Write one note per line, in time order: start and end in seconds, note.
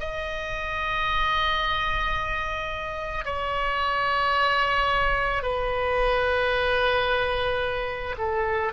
0.00 3.25 D#5
3.25 5.43 C#5
5.43 8.16 B4
8.18 8.72 A4